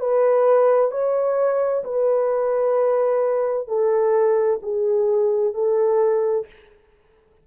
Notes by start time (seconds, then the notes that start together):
0.00 B4
0.91 C#5
1.84 B4
3.68 A4
4.62 G#4
5.54 A4